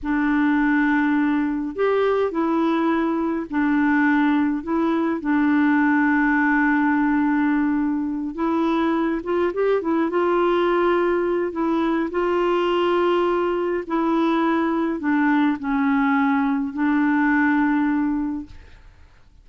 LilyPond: \new Staff \with { instrumentName = "clarinet" } { \time 4/4 \tempo 4 = 104 d'2. g'4 | e'2 d'2 | e'4 d'2.~ | d'2~ d'8 e'4. |
f'8 g'8 e'8 f'2~ f'8 | e'4 f'2. | e'2 d'4 cis'4~ | cis'4 d'2. | }